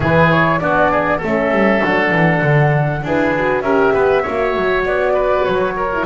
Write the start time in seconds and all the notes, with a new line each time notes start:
0.00 E3 E4 G#4 B4
0.31 C#5
0.59 B3 D4 F#4 D5
0.91 G#4
1.17 A3 C#4 A4
1.24 E5
1.51 G3
1.81 F#3 D4 F#5
2.11 E3
2.42 D3
3.02 D4 E4 G#4 B4
3.37 F#4
3.61 C#4 G4 A#4 E5
3.93 B3 B4
4.22 A#3 F#4 C#5
4.56 F#3
4.85 B3 D5
5.13 B4
5.44 F#3 C#5
5.76 A#4
5.92 E4